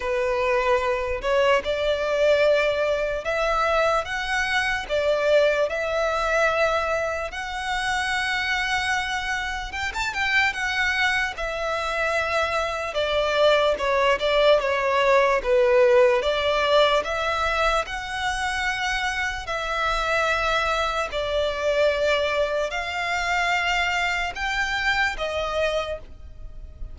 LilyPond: \new Staff \with { instrumentName = "violin" } { \time 4/4 \tempo 4 = 74 b'4. cis''8 d''2 | e''4 fis''4 d''4 e''4~ | e''4 fis''2. | g''16 a''16 g''8 fis''4 e''2 |
d''4 cis''8 d''8 cis''4 b'4 | d''4 e''4 fis''2 | e''2 d''2 | f''2 g''4 dis''4 | }